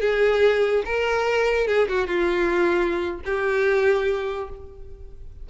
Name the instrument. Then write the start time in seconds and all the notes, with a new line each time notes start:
violin
0.00 G#4
0.85 A#4
1.67 G#4
1.88 F#4
2.07 F4
3.25 G4